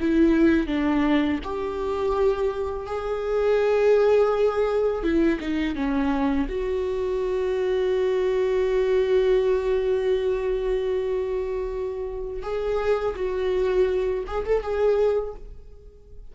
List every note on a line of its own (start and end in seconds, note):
0.00 0.67 E4
0.67 1.39 D4
1.44 2.87 G4
2.87 5.03 G#4
5.03 5.40 E4
5.40 5.75 D#4
5.75 6.48 C#4
6.49 12.43 F#4
12.43 13.15 G#4
13.16 14.24 F#4
14.27 14.45 G#4
14.45 14.63 A4
14.63 15.35 G#4